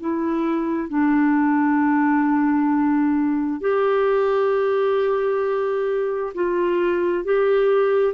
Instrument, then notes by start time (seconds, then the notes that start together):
clarinet
0.00 E4
0.89 D4
3.61 G4
6.35 F4
7.25 G4